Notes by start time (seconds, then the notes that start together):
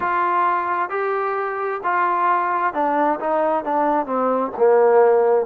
0.00 F4
0.89 G4
1.83 F4
2.73 D4
3.19 D#4
3.64 D4
4.06 C4
4.57 A#3